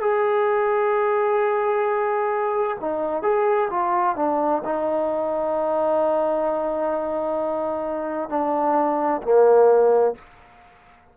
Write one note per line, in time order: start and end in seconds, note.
0.00 2.77 G#4
2.80 3.22 D#4
3.22 3.68 G#4
3.70 4.16 F4
4.16 4.62 D4
4.64 8.29 D#4
8.29 9.21 D4
9.22 10.14 A#3